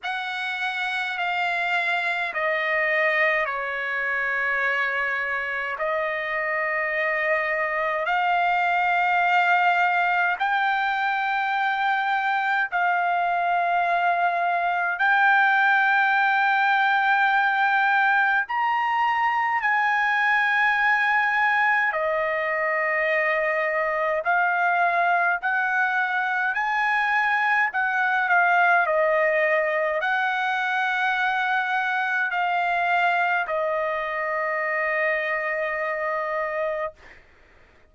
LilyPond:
\new Staff \with { instrumentName = "trumpet" } { \time 4/4 \tempo 4 = 52 fis''4 f''4 dis''4 cis''4~ | cis''4 dis''2 f''4~ | f''4 g''2 f''4~ | f''4 g''2. |
ais''4 gis''2 dis''4~ | dis''4 f''4 fis''4 gis''4 | fis''8 f''8 dis''4 fis''2 | f''4 dis''2. | }